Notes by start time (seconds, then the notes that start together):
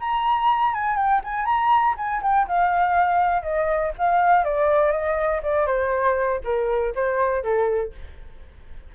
0.00 A#5
0.74 G#5
0.96 G5
1.24 G#5
1.45 A#5
1.97 G#5
2.22 G5
2.47 F5
3.42 D#5
3.98 F5
4.44 D5
4.91 D#5
5.43 D5
5.66 C5
6.43 A#4
6.95 C5
7.43 A4